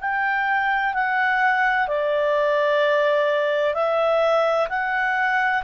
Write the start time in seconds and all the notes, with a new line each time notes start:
0.00 G5
0.94 F#5
1.87 D5
3.74 E5
4.69 F#5